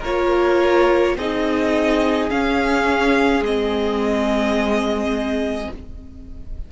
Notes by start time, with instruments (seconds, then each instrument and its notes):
0.00 cello A#3, viola F4, violin A#4 C#5
1.17 cello C4, viola D#4, violin G#4 D#5
2.30 viola C#4, cello C#4, violin F5
3.41 cello G#3, viola C4, violin D#5